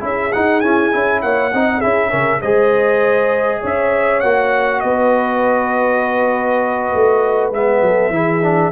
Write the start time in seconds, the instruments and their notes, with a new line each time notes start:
0.00 tuba C#4, trombone E4, horn G#4, trumpet E5
0.32 trombone D#4, tuba D#4, trumpet F#5
0.60 trombone C#4, tuba E4, trumpet G#5
0.92 tuba C#4, trombone E4
1.22 tuba A#3, horn C#5, trumpet F#5
1.53 tuba C4, trombone D#4, horn D#5
1.78 tuba C#4, trombone E4, horn G#4, trumpet E5
2.10 tuba C#3, trombone C#4, horn A#4
2.42 tuba G#3, trombone G#4, horn C5, trumpet D#5
3.60 tuba C#4, horn C#5
3.66 trumpet E5
4.20 tuba A#3, trombone F#4, trumpet F#5
4.80 tuba B3, horn B4, trumpet D#5
6.94 tuba A3
7.51 tuba G#3, trombone B3, trumpet E5
7.81 tuba F#3, horn A4
8.10 tuba E3, trombone E4, horn G#4
8.42 trombone D4